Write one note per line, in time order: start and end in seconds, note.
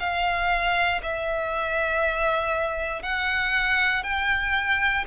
0.00 1.02 F5
1.03 3.03 E5
3.03 4.04 F#5
4.04 5.05 G5